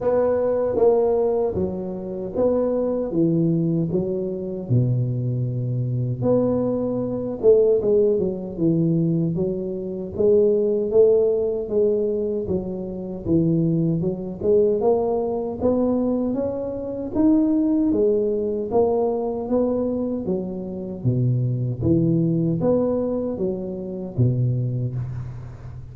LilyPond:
\new Staff \with { instrumentName = "tuba" } { \time 4/4 \tempo 4 = 77 b4 ais4 fis4 b4 | e4 fis4 b,2 | b4. a8 gis8 fis8 e4 | fis4 gis4 a4 gis4 |
fis4 e4 fis8 gis8 ais4 | b4 cis'4 dis'4 gis4 | ais4 b4 fis4 b,4 | e4 b4 fis4 b,4 | }